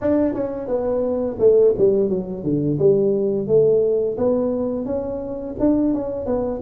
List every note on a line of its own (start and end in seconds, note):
0.01 0.33 D4
0.33 0.67 C#4
0.67 1.37 B3
1.39 1.74 A3
1.78 2.09 G3
2.09 2.43 F#3
2.43 2.78 D3
2.78 3.47 G3
3.47 4.17 A3
4.17 4.85 B3
4.85 5.55 C#4
5.59 5.94 D4
5.94 6.26 C#4
6.26 6.61 B3